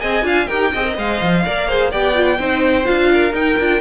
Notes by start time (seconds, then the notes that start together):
0.00 C4 G#4 D#5 G#5
0.22 D4 F4 F5
0.46 D#4 G4 A#4 G5
0.72 C4 G#4 D#5
0.84 A#4
0.96 G#3 C5 F5
1.22 F3
1.45 A#3 A#4 D5
1.68 G#4 C5
1.91 B3 G4 D5 G5
2.14 F4
2.39 C4 D#4 C5
2.84 D4 F4 F5
3.13 A#4
3.33 D#4 G5
3.59 D4 F4